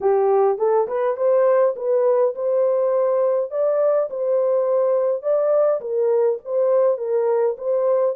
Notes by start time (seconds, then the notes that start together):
0.01 G4
0.58 A4
0.87 B4
1.16 C5
1.76 B4
2.35 C5
3.51 D5
4.09 C5
5.22 D5
5.80 A#4
6.44 C5
6.97 A#4
7.57 C5